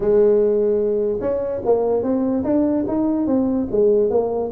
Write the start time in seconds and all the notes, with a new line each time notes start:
0.00 G#3
1.20 C#4
1.65 A#3
2.02 C4
2.44 D4
2.87 D#4
3.26 C4
3.71 G#3
4.09 A#3